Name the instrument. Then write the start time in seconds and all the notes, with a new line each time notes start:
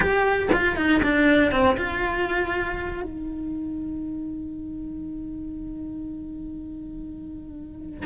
cello
0.00 G4
0.52 F4
0.76 D#4
1.02 D4
1.51 C4
1.77 F4
3.02 D#4